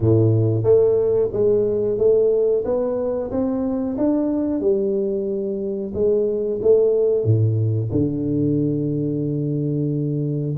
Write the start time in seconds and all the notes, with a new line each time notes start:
0.00 A2
0.63 A3
1.32 G#3
1.98 A3
2.64 B3
3.31 C4
3.97 D4
4.60 G3
5.93 G#3
6.62 A3
7.24 A2
7.91 D3